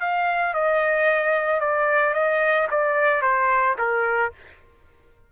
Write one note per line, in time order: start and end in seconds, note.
0.00 0.54 F5
0.54 1.60 D#5
1.60 2.14 D5
2.14 2.68 D#5
2.70 3.21 D5
3.21 3.75 C5
3.78 4.32 A#4